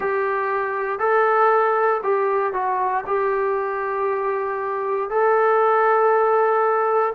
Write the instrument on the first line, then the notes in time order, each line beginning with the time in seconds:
trombone
0.00 G4
0.99 A4
2.03 G4
2.53 F#4
3.06 G4
5.10 A4